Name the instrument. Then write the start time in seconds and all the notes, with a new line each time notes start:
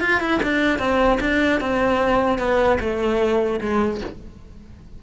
cello
0.00 F4
0.20 E4
0.42 D4
0.78 C4
1.20 D4
1.60 C4
2.38 B3
2.79 A3
3.60 G#3